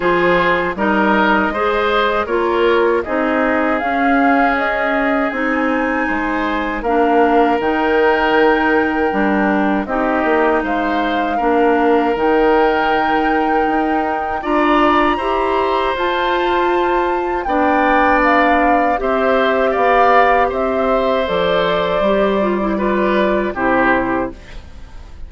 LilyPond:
<<
  \new Staff \with { instrumentName = "flute" } { \time 4/4 \tempo 4 = 79 c''4 dis''2 cis''4 | dis''4 f''4 dis''4 gis''4~ | gis''4 f''4 g''2~ | g''4 dis''4 f''2 |
g''2. ais''4~ | ais''4 a''2 g''4 | f''4 e''4 f''4 e''4 | d''2. c''4 | }
  \new Staff \with { instrumentName = "oboe" } { \time 4/4 gis'4 ais'4 c''4 ais'4 | gis'1 | c''4 ais'2.~ | ais'4 g'4 c''4 ais'4~ |
ais'2. d''4 | c''2. d''4~ | d''4 c''4 d''4 c''4~ | c''2 b'4 g'4 | }
  \new Staff \with { instrumentName = "clarinet" } { \time 4/4 f'4 dis'4 gis'4 f'4 | dis'4 cis'2 dis'4~ | dis'4 d'4 dis'2 | d'4 dis'2 d'4 |
dis'2. f'4 | g'4 f'2 d'4~ | d'4 g'2. | a'4 g'8 f'16 e'16 f'4 e'4 | }
  \new Staff \with { instrumentName = "bassoon" } { \time 4/4 f4 g4 gis4 ais4 | c'4 cis'2 c'4 | gis4 ais4 dis2 | g4 c'8 ais8 gis4 ais4 |
dis2 dis'4 d'4 | e'4 f'2 b4~ | b4 c'4 b4 c'4 | f4 g2 c4 | }
>>